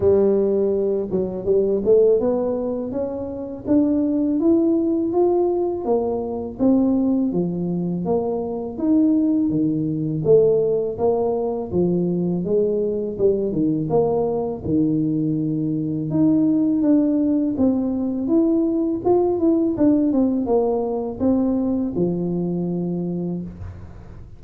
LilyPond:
\new Staff \with { instrumentName = "tuba" } { \time 4/4 \tempo 4 = 82 g4. fis8 g8 a8 b4 | cis'4 d'4 e'4 f'4 | ais4 c'4 f4 ais4 | dis'4 dis4 a4 ais4 |
f4 gis4 g8 dis8 ais4 | dis2 dis'4 d'4 | c'4 e'4 f'8 e'8 d'8 c'8 | ais4 c'4 f2 | }